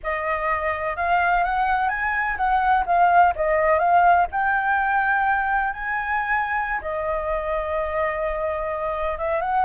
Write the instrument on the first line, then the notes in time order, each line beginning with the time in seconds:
flute
0.03 D#5
0.96 F5
1.44 F#5
1.88 G#5
2.36 F#5
2.85 F5
3.35 D#5
3.79 F5
4.31 G5
5.73 G#5
6.81 D#5
9.18 E5
9.41 F#5